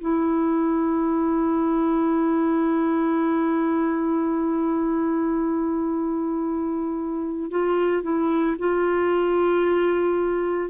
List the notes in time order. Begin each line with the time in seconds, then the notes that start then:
0.00 E4
7.50 F4
8.03 E4
8.58 F4